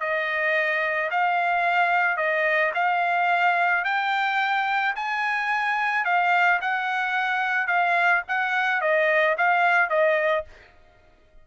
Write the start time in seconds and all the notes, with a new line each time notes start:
0.00 D#5
1.11 F5
2.17 D#5
2.74 F5
3.85 G5
4.95 G#5
6.05 F5
6.61 F#5
7.67 F5
8.28 F#5
8.81 D#5
9.38 F5
9.90 D#5